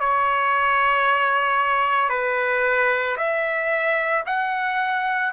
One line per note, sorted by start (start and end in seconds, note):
0.00 2.09 C#5
2.09 3.17 B4
3.17 4.24 E5
4.26 5.33 F#5